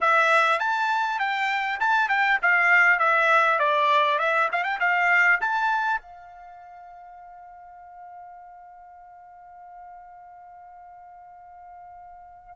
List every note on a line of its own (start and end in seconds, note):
0.00 0.59 E5
0.59 1.19 A5
1.19 1.79 G5
1.79 2.08 A5
2.08 2.38 G5
2.42 2.99 F5
2.99 3.59 E5
3.59 4.18 D5
4.18 4.48 E5
4.52 4.63 F5
4.63 4.78 G5
4.79 5.39 F5
5.40 6.00 A5
6.00 12.55 F5